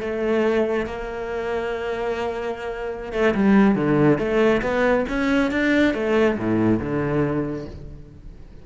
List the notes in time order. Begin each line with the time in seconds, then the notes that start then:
0.00 A3
0.86 A#3
3.12 A3
3.34 G3
3.75 D3
4.18 A3
4.62 B3
5.08 C#4
5.51 D4
5.94 A3
6.37 A2
6.79 D3